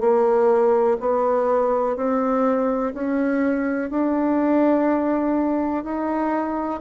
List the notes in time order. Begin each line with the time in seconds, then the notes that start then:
0.00 A#3
1.00 B3
1.96 C4
2.93 C#4
3.90 D4
5.84 D#4